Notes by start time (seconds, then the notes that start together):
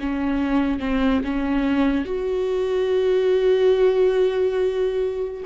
0.00 C#4
0.80 C4
1.24 C#4
2.05 F#4